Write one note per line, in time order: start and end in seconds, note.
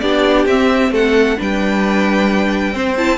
0.00 0.46 B3
0.00 0.48 D4
0.00 0.92 G4
0.00 0.45 D5
0.46 0.91 C4
0.46 1.37 C4
0.46 0.92 E5
0.91 1.36 A3
0.91 1.37 A4
0.91 1.40 F#5
1.37 2.75 G3
1.37 2.72 D4
1.37 2.73 B4
1.37 2.97 G5
2.72 2.95 C4
2.72 3.18 C4
2.72 3.18 C5
2.97 3.18 E4
2.97 3.18 A5